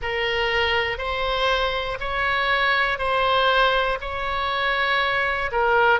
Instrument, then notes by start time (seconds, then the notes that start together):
oboe
0.02 A#4
0.97 C5
2.00 C#5
2.98 C5
4.00 C#5
5.51 A#4